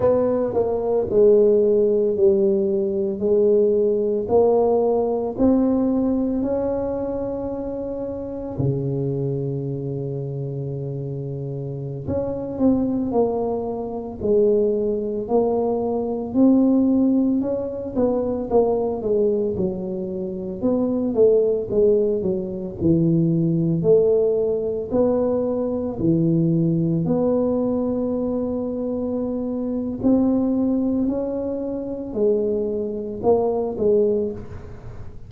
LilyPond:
\new Staff \with { instrumentName = "tuba" } { \time 4/4 \tempo 4 = 56 b8 ais8 gis4 g4 gis4 | ais4 c'4 cis'2 | cis2.~ cis16 cis'8 c'16~ | c'16 ais4 gis4 ais4 c'8.~ |
c'16 cis'8 b8 ais8 gis8 fis4 b8 a16~ | a16 gis8 fis8 e4 a4 b8.~ | b16 e4 b2~ b8. | c'4 cis'4 gis4 ais8 gis8 | }